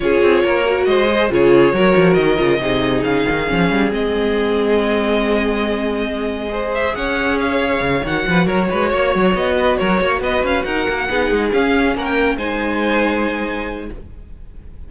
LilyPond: <<
  \new Staff \with { instrumentName = "violin" } { \time 4/4 \tempo 4 = 138 cis''2 dis''4 cis''4~ | cis''4 dis''2 f''4~ | f''4 dis''2.~ | dis''2.~ dis''8 e''8 |
fis''4 f''4. fis''4 cis''8~ | cis''4. dis''4 cis''4 dis''8 | f''8 fis''2 f''4 fis''16 g''16~ | g''8 gis''2.~ gis''8 | }
  \new Staff \with { instrumentName = "violin" } { \time 4/4 gis'4 ais'4 c''4 gis'4 | ais'2 gis'2~ | gis'1~ | gis'2. c''4 |
cis''2. b'8 ais'8 | b'8 cis''4. b'8 ais'8 cis''8 b'8~ | b'8 ais'4 gis'2 ais'8~ | ais'8 c''2.~ c''8 | }
  \new Staff \with { instrumentName = "viola" } { \time 4/4 f'4. fis'4 gis'8 f'4 | fis'4. f'8 dis'2 | cis'4 c'2.~ | c'2. gis'4~ |
gis'2~ gis'8 fis'4.~ | fis'1~ | fis'4. dis'4 cis'4.~ | cis'8 dis'2.~ dis'8 | }
  \new Staff \with { instrumentName = "cello" } { \time 4/4 cis'8 c'8 ais4 gis4 cis4 | fis8 f8 dis8 cis8 c4 cis8 dis8 | f8 g8 gis2.~ | gis1 |
cis'2 cis8 dis8 f8 fis8 | gis8 ais8 fis8 b4 fis8 ais8 b8 | cis'8 dis'8 ais8 b8 gis8 cis'4 ais8~ | ais8 gis2.~ gis8 | }
>>